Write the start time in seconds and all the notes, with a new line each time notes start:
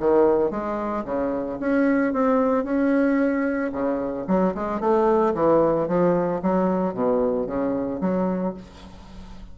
0.00 D#3
0.51 G#3
1.05 C#3
1.60 C#4
2.13 C4
2.64 C#4
3.73 C#3
4.28 F#3
4.55 G#3
4.80 A3
5.34 E3
5.88 F3
6.42 F#3
6.94 B2
7.47 C#3
8.01 F#3